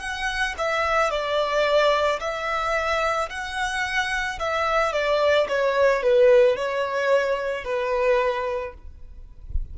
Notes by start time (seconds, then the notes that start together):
0.00 F#5
0.58 E5
1.11 D5
2.20 E5
3.30 F#5
4.39 E5
4.92 D5
5.48 C#5
6.02 B4
6.57 C#5
7.64 B4